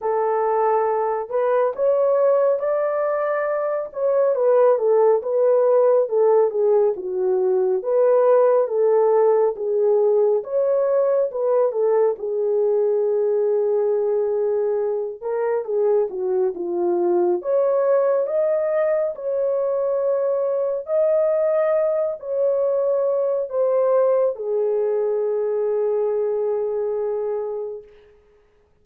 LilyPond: \new Staff \with { instrumentName = "horn" } { \time 4/4 \tempo 4 = 69 a'4. b'8 cis''4 d''4~ | d''8 cis''8 b'8 a'8 b'4 a'8 gis'8 | fis'4 b'4 a'4 gis'4 | cis''4 b'8 a'8 gis'2~ |
gis'4. ais'8 gis'8 fis'8 f'4 | cis''4 dis''4 cis''2 | dis''4. cis''4. c''4 | gis'1 | }